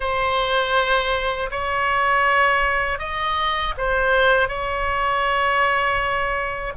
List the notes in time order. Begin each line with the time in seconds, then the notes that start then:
0.00 C5
1.50 C#5
2.99 D#5
3.77 C5
4.48 C#5